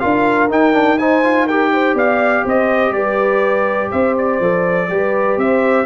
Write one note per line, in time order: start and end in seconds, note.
0.00 0.50 D4
0.00 0.49 F4
0.00 0.99 A#4
0.00 0.49 F5
0.50 0.73 D#4
0.50 1.95 D#4
0.50 0.99 G5
0.73 0.98 D4
0.99 1.24 D#4
0.99 1.46 C5
0.99 1.48 G#5
1.24 1.48 F4
1.46 4.42 G4
1.46 1.71 A#4
1.46 1.97 G5
1.73 1.95 C5
1.95 2.43 B3
1.95 2.44 D5
1.95 2.47 F5
2.44 2.91 C4
2.44 2.93 C5
2.44 2.93 D#5
2.91 3.88 G3
2.91 3.90 B4
2.91 3.91 D5
3.90 4.40 C4
3.90 4.88 C5
3.90 4.16 E5
4.18 5.39 D5
4.40 4.89 F3
4.40 4.90 A4
4.89 5.37 G3
4.89 5.86 G4
4.89 5.41 B4
5.38 5.86 C4
5.38 5.86 C5
5.38 5.86 E5